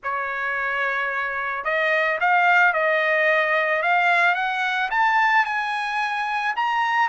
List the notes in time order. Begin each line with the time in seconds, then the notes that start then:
0.03 C#5
1.64 D#5
2.20 F5
2.73 D#5
3.82 F5
4.35 F#5
4.90 A5
5.45 G#5
6.56 A#5